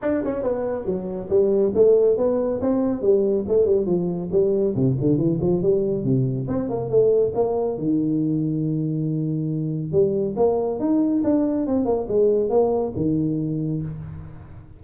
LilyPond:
\new Staff \with { instrumentName = "tuba" } { \time 4/4 \tempo 4 = 139 d'8 cis'8 b4 fis4 g4 | a4 b4 c'4 g4 | a8 g8 f4 g4 c8 d8 | e8 f8 g4 c4 c'8 ais8 |
a4 ais4 dis2~ | dis2. g4 | ais4 dis'4 d'4 c'8 ais8 | gis4 ais4 dis2 | }